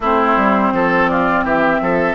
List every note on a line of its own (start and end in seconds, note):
0.00 0.36 A3
0.00 2.14 C4
0.00 0.73 E4
0.00 1.08 C5
0.36 0.72 G3
0.72 1.43 F3
0.72 1.10 A4
1.08 1.44 F4
1.08 1.44 D5
1.43 1.79 E3
1.43 1.80 G4
1.43 2.14 E5
1.81 2.14 F3
1.81 2.14 A4